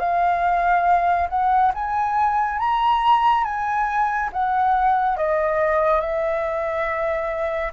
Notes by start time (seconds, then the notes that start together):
0.00 F5
1.30 F#5
1.75 G#5
2.59 A#5
3.45 G#5
4.33 F#5
5.18 D#5
6.01 E5